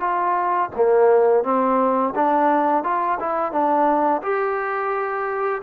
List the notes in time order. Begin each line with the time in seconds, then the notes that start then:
0.00 F4
0.76 A#3
1.44 C4
2.15 D4
2.84 F4
3.20 E4
3.52 D4
4.22 G4